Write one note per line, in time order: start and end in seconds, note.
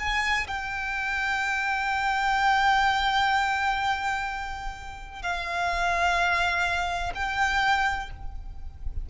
0.00 0.48 G#5
0.48 5.23 G5
5.23 7.13 F5
7.15 8.10 G5